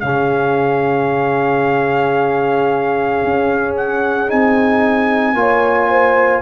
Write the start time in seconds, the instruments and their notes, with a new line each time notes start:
0.00 tuba C#3, trombone C#4, horn G#4, trumpet F5
3.24 tuba C#4
3.77 trumpet F#5
4.28 tuba C4, trombone D#4, trumpet G#5
5.34 tuba A#3, trombone F4, horn C#5
5.90 horn C5